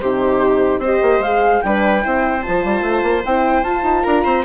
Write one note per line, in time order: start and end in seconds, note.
0.00 0.79 C3
0.00 0.84 D#4
0.00 0.81 G4
0.00 0.81 C5
0.79 0.99 C4
0.79 1.24 G4
0.79 1.62 C5
0.85 1.23 D#5
1.03 1.20 A#3
1.20 1.60 G#3
1.20 1.64 G#4
1.20 1.62 F5
1.62 2.05 G3
1.62 2.02 D4
1.62 2.04 B4
1.62 2.42 G5
2.02 2.46 C4
2.02 2.42 E4
2.02 4.04 C5
2.42 2.65 F3
2.42 3.24 F4
2.42 3.23 A5
2.65 2.82 G3
2.82 3.02 A3
3.03 3.23 A#3
3.25 3.63 C4
3.25 3.66 E4
3.25 3.64 G5
3.63 3.83 F4
3.63 4.46 F4
3.63 4.04 A5
3.83 4.03 D#4
4.04 4.25 D4
4.04 4.24 A#4
4.04 4.44 A#5
4.24 4.46 C4
4.24 4.44 C5